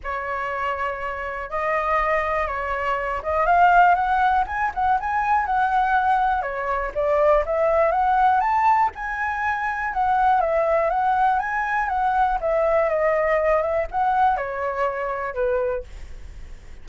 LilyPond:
\new Staff \with { instrumentName = "flute" } { \time 4/4 \tempo 4 = 121 cis''2. dis''4~ | dis''4 cis''4. dis''8 f''4 | fis''4 gis''8 fis''8 gis''4 fis''4~ | fis''4 cis''4 d''4 e''4 |
fis''4 a''4 gis''2 | fis''4 e''4 fis''4 gis''4 | fis''4 e''4 dis''4. e''8 | fis''4 cis''2 b'4 | }